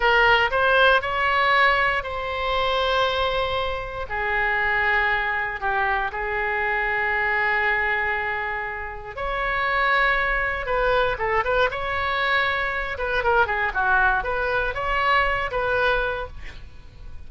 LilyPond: \new Staff \with { instrumentName = "oboe" } { \time 4/4 \tempo 4 = 118 ais'4 c''4 cis''2 | c''1 | gis'2. g'4 | gis'1~ |
gis'2 cis''2~ | cis''4 b'4 a'8 b'8 cis''4~ | cis''4. b'8 ais'8 gis'8 fis'4 | b'4 cis''4. b'4. | }